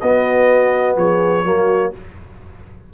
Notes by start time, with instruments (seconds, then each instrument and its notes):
0.00 tuba B3, trombone B3, horn F#4, trumpet D#5
0.96 tuba F3, horn G#4, trumpet C#5
1.44 tuba F#3, trombone A#3, horn F#4